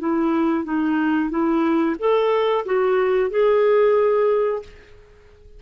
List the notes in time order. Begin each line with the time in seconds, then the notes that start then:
0.00 E4
0.65 D#4
1.30 E4
2.00 A4
2.66 F#4
3.31 G#4